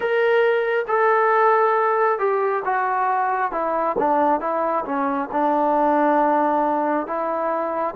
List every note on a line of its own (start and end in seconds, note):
0.00 0.85 A#4
0.87 2.18 A4
2.18 2.62 G4
2.64 3.51 F#4
3.51 3.95 E4
3.98 4.40 D4
4.40 4.84 E4
4.85 5.29 C#4
5.32 7.06 D4
7.06 7.95 E4